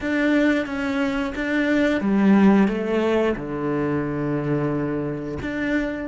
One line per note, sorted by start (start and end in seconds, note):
0.00 0.66 D4
0.66 1.33 C#4
1.35 2.00 D4
2.00 2.68 G3
2.68 3.35 A3
3.36 5.38 D3
5.41 6.07 D4